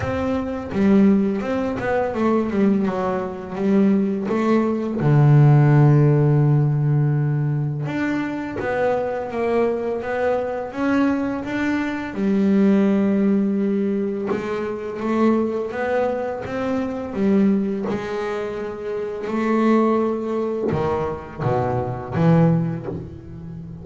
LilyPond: \new Staff \with { instrumentName = "double bass" } { \time 4/4 \tempo 4 = 84 c'4 g4 c'8 b8 a8 g8 | fis4 g4 a4 d4~ | d2. d'4 | b4 ais4 b4 cis'4 |
d'4 g2. | gis4 a4 b4 c'4 | g4 gis2 a4~ | a4 dis4 b,4 e4 | }